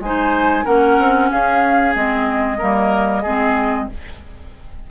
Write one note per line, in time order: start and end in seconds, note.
0.00 0.65 G#3
0.00 0.65 D#4
0.00 0.65 C5
0.00 0.66 G#5
0.65 0.99 A#3
0.65 1.94 C#4
0.65 1.30 A#4
0.65 1.31 F#5
0.99 1.31 C4
1.31 1.96 C#4
1.31 2.58 G#4
1.31 1.96 F5
1.94 2.60 G#3
1.94 2.59 C4
1.94 3.89 D#5
2.58 3.25 G3
2.58 3.24 A#3
2.58 3.22 A#4
3.22 3.89 G#3
3.22 3.90 C4
3.22 3.87 G#4